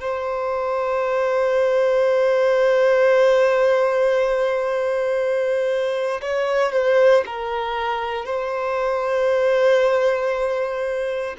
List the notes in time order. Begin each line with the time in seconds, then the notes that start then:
0.00 C5
6.21 C#5
6.72 C5
7.26 A#4
8.25 C5